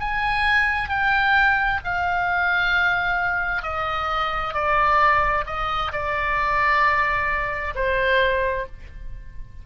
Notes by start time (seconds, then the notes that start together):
0.00 G#5
0.90 G5
1.85 F5
3.63 D#5
4.54 D5
5.47 D#5
5.93 D5
7.76 C5